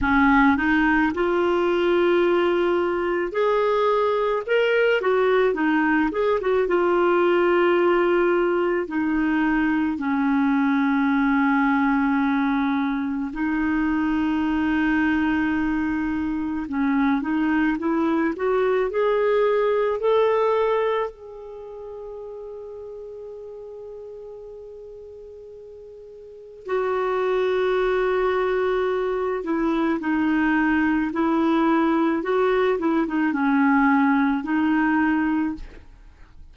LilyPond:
\new Staff \with { instrumentName = "clarinet" } { \time 4/4 \tempo 4 = 54 cis'8 dis'8 f'2 gis'4 | ais'8 fis'8 dis'8 gis'16 fis'16 f'2 | dis'4 cis'2. | dis'2. cis'8 dis'8 |
e'8 fis'8 gis'4 a'4 gis'4~ | gis'1 | fis'2~ fis'8 e'8 dis'4 | e'4 fis'8 e'16 dis'16 cis'4 dis'4 | }